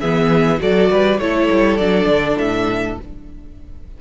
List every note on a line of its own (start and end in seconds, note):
0.00 0.61 E3
0.00 0.58 B3
0.00 0.59 G#4
0.00 0.60 E5
0.58 0.92 F#3
0.58 1.18 F#4
0.58 0.91 A4
0.58 1.20 D5
0.91 1.19 G3
0.91 1.21 B4
1.19 1.49 A3
1.19 1.80 E4
1.19 3.01 A4
1.19 1.77 C#5
1.51 1.79 G3
1.77 2.06 F#3
1.77 2.99 D4
1.77 2.37 D5
2.06 2.36 D3
2.39 2.98 A2
2.39 2.98 E5